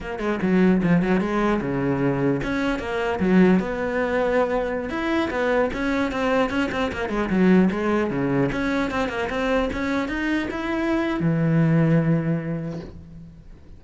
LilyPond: \new Staff \with { instrumentName = "cello" } { \time 4/4 \tempo 4 = 150 ais8 gis8 fis4 f8 fis8 gis4 | cis2 cis'4 ais4 | fis4 b2.~ | b16 e'4 b4 cis'4 c'8.~ |
c'16 cis'8 c'8 ais8 gis8 fis4 gis8.~ | gis16 cis4 cis'4 c'8 ais8 c'8.~ | c'16 cis'4 dis'4 e'4.~ e'16 | e1 | }